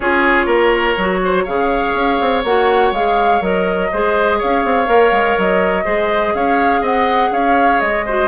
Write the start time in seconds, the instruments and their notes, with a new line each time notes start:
0.00 bassoon C#4, clarinet F4, oboe G#4, flute C#5
0.46 bassoon A#3, oboe A#4
0.97 bassoon F#3, clarinet F#4
1.24 oboe C5
1.43 bassoon C#3, clarinet G#4, oboe C#5, flute F5
1.93 bassoon C#4
2.21 bassoon C4
2.44 bassoon A#3, clarinet F#4, flute F#5
2.91 bassoon G#3, clarinet G#4, flute F5
3.41 bassoon F#3, clarinet A#4, flute D#5
3.91 bassoon G#3, clarinet G#4, oboe C5
4.38 bassoon C#4, oboe C#5, flute F5
4.64 bassoon C4
4.85 bassoon A#3, clarinet A#4
5.11 bassoon G#3
5.37 bassoon F#3, flute D#5
5.84 bassoon G#3, clarinet G#4, oboe C5
6.34 bassoon C#4, oboe C#5, flute F5
6.81 bassoon C4, oboe D#5, flute F#5
7.31 bassoon C#4, oboe C#5, flute F5
7.80 bassoon G#3, flute D#5
8.05 clarinet F#4, oboe C5